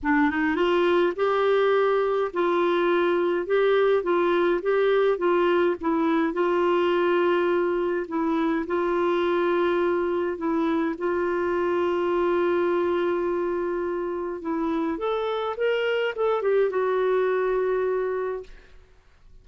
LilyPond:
\new Staff \with { instrumentName = "clarinet" } { \time 4/4 \tempo 4 = 104 d'8 dis'8 f'4 g'2 | f'2 g'4 f'4 | g'4 f'4 e'4 f'4~ | f'2 e'4 f'4~ |
f'2 e'4 f'4~ | f'1~ | f'4 e'4 a'4 ais'4 | a'8 g'8 fis'2. | }